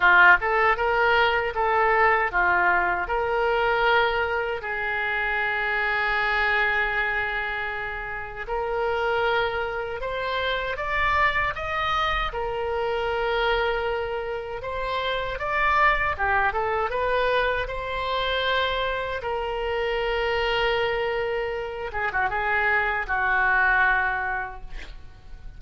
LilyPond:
\new Staff \with { instrumentName = "oboe" } { \time 4/4 \tempo 4 = 78 f'8 a'8 ais'4 a'4 f'4 | ais'2 gis'2~ | gis'2. ais'4~ | ais'4 c''4 d''4 dis''4 |
ais'2. c''4 | d''4 g'8 a'8 b'4 c''4~ | c''4 ais'2.~ | ais'8 gis'16 fis'16 gis'4 fis'2 | }